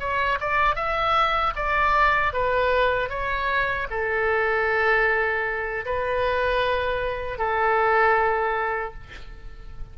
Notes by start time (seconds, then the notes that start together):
0.00 C#5
0.41 D5
0.76 E5
1.57 D5
2.33 B4
3.10 C#5
3.91 A4
5.86 B4
7.38 A4